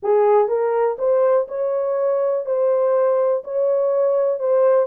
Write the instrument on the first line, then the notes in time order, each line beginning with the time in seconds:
horn
0.02 G#4
0.47 A#4
0.98 C5
1.47 C#5
2.45 C5
3.43 C#5
4.39 C5